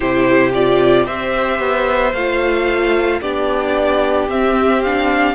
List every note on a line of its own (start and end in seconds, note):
0.00 1.06 C3
0.00 0.52 E4
0.00 1.05 G4
0.00 0.50 C5
0.54 1.07 F4
0.54 1.06 D5
1.05 1.59 C4
1.05 2.14 G4
1.05 3.20 C5
1.05 2.13 E5
1.59 2.12 B3
2.13 3.20 A3
2.13 3.22 F4
2.13 3.20 F5
3.21 4.28 B3
3.21 4.29 D4
3.21 5.34 G4
3.21 4.28 D5
4.28 5.34 C4
4.28 4.83 C4
4.28 4.82 E5
4.82 5.34 D4
4.82 5.34 F5